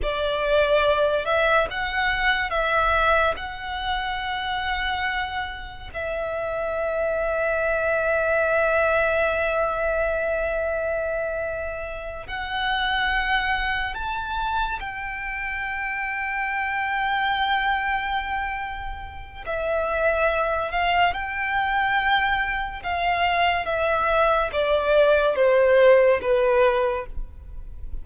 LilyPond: \new Staff \with { instrumentName = "violin" } { \time 4/4 \tempo 4 = 71 d''4. e''8 fis''4 e''4 | fis''2. e''4~ | e''1~ | e''2~ e''8 fis''4.~ |
fis''8 a''4 g''2~ g''8~ | g''2. e''4~ | e''8 f''8 g''2 f''4 | e''4 d''4 c''4 b'4 | }